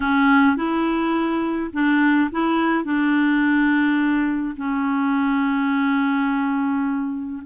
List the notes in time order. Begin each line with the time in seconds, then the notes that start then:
0.00 C#4
0.56 E4
1.73 D4
2.31 E4
2.84 D4
4.56 C#4